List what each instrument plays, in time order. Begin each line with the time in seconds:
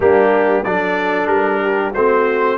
0.00 tuba G3, trombone A#3, horn D4, trumpet G4
0.63 tuba F#3, trombone D4, horn A4, trumpet D5
1.26 tuba G3, trumpet A#4
1.61 horn G4
1.92 tuba A3, trombone C4, horn F#4, trumpet C5